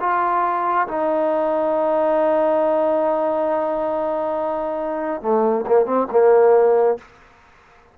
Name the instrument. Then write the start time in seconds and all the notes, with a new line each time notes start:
trombone
0.00 F4
0.88 D#4
5.21 A3
5.67 A#3
5.85 C4
6.11 A#3